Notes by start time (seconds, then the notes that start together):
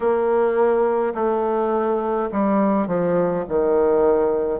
0.00 A#3
1.14 A3
2.31 G3
2.87 F3
3.48 D#3